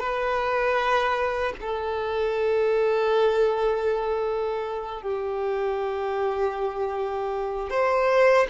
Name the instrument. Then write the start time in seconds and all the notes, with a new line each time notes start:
violin
0.00 B4
1.61 A4
5.02 G4
7.70 C5